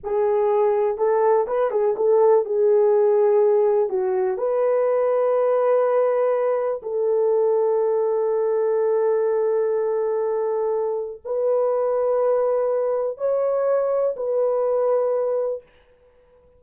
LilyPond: \new Staff \with { instrumentName = "horn" } { \time 4/4 \tempo 4 = 123 gis'2 a'4 b'8 gis'8 | a'4 gis'2. | fis'4 b'2.~ | b'2 a'2~ |
a'1~ | a'2. b'4~ | b'2. cis''4~ | cis''4 b'2. | }